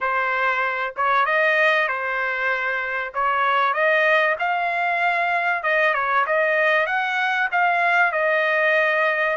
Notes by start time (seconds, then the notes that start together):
0.00 C5
0.96 C#5
1.25 D#5
1.88 C5
3.14 C#5
3.73 D#5
4.39 F5
5.63 D#5
5.94 C#5
6.26 D#5
6.86 F#5
7.51 F5
8.11 D#5